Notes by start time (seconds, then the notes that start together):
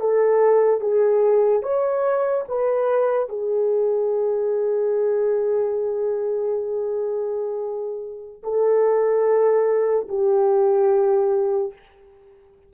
0.00 A4
0.80 G#4
1.63 C#5
2.48 B4
3.29 G#4
8.43 A4
10.08 G4